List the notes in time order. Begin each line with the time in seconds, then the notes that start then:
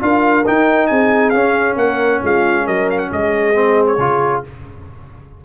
0.00 D4 F4 A#4 F5
0.46 D#4 G5
0.87 C4 G#4 G#5
1.30 C#4 F5
1.77 A#3 A#4 F#5
2.23 G#3 F4 F5
2.65 F#3 A#4 D#5
2.90 F5
2.99 F#5
3.12 G#3 G#4 D#5
3.54 C4
3.87 C#5
3.98 C#3 F4